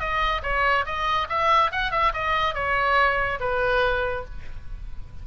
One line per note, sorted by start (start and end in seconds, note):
0.00 0.42 D#5
0.43 0.86 C#5
0.86 1.28 D#5
1.29 1.72 E5
1.72 1.92 F#5
1.92 2.13 E5
2.14 2.55 D#5
2.55 3.40 C#5
3.41 4.25 B4